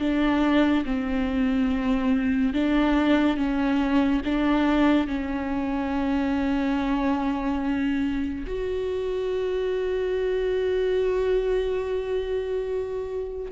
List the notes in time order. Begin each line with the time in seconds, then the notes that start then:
0.00 D4
0.85 C4
2.54 D4
3.37 C#4
4.25 D4
5.07 C#4
8.47 F#4